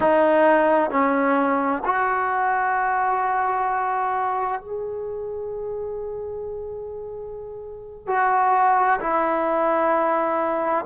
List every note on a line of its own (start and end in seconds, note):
0.00 0.90 D#4
0.90 1.82 C#4
1.85 4.61 F#4
4.61 8.07 G#4
8.07 8.99 F#4
9.00 10.85 E4